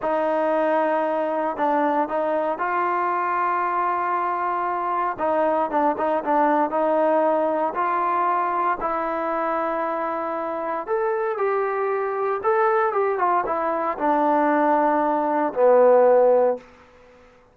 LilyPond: \new Staff \with { instrumentName = "trombone" } { \time 4/4 \tempo 4 = 116 dis'2. d'4 | dis'4 f'2.~ | f'2 dis'4 d'8 dis'8 | d'4 dis'2 f'4~ |
f'4 e'2.~ | e'4 a'4 g'2 | a'4 g'8 f'8 e'4 d'4~ | d'2 b2 | }